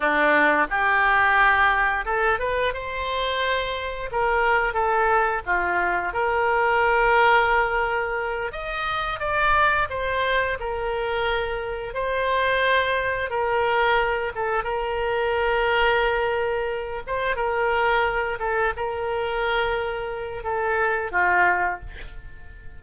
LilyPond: \new Staff \with { instrumentName = "oboe" } { \time 4/4 \tempo 4 = 88 d'4 g'2 a'8 b'8 | c''2 ais'4 a'4 | f'4 ais'2.~ | ais'8 dis''4 d''4 c''4 ais'8~ |
ais'4. c''2 ais'8~ | ais'4 a'8 ais'2~ ais'8~ | ais'4 c''8 ais'4. a'8 ais'8~ | ais'2 a'4 f'4 | }